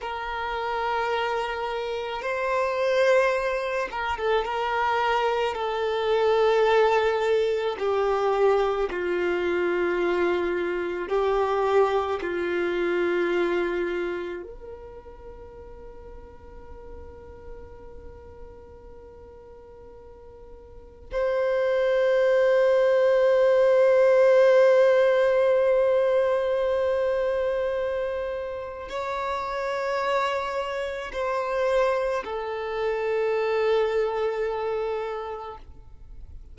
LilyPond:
\new Staff \with { instrumentName = "violin" } { \time 4/4 \tempo 4 = 54 ais'2 c''4. ais'16 a'16 | ais'4 a'2 g'4 | f'2 g'4 f'4~ | f'4 ais'2.~ |
ais'2. c''4~ | c''1~ | c''2 cis''2 | c''4 a'2. | }